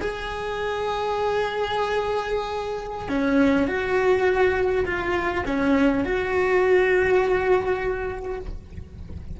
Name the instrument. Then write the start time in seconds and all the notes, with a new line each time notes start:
cello
0.00 G#4
3.08 C#4
3.67 F#4
4.85 F4
5.46 C#4
6.04 F#4